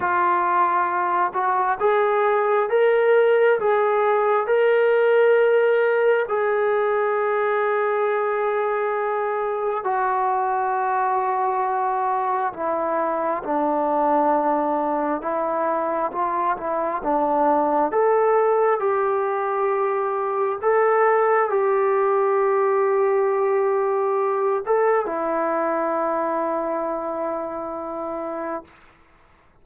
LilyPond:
\new Staff \with { instrumentName = "trombone" } { \time 4/4 \tempo 4 = 67 f'4. fis'8 gis'4 ais'4 | gis'4 ais'2 gis'4~ | gis'2. fis'4~ | fis'2 e'4 d'4~ |
d'4 e'4 f'8 e'8 d'4 | a'4 g'2 a'4 | g'2.~ g'8 a'8 | e'1 | }